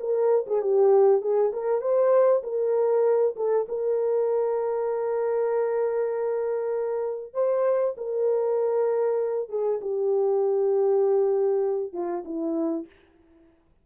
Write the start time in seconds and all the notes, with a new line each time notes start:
0.00 A#4
0.47 G#4
0.62 G4
1.22 G#4
1.53 A#4
1.81 C5
2.43 A#4
3.36 A4
3.69 A#4
7.34 C5
7.97 A#4
9.49 G#4
9.81 G4
11.93 F4
12.25 E4